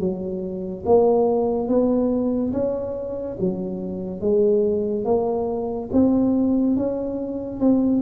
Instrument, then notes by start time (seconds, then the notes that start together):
tuba
0.00 F#3
0.86 A#3
1.68 B3
2.53 C#4
3.40 F#3
4.21 G#3
5.05 A#3
5.93 C4
6.77 C#4
7.61 C4